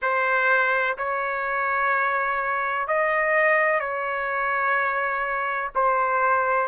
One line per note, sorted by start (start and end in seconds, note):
0.02 0.97 C5
0.97 2.87 C#5
2.87 3.80 D#5
3.80 5.70 C#5
5.74 6.68 C5